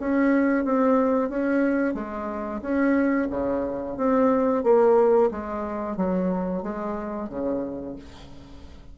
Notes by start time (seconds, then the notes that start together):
0.00 C#4
0.65 C4
1.30 C#4
1.95 G#3
2.62 C#4
3.31 C#3
3.97 C4
4.64 A#3
5.31 G#3
5.97 F#3
6.63 G#3
7.29 C#3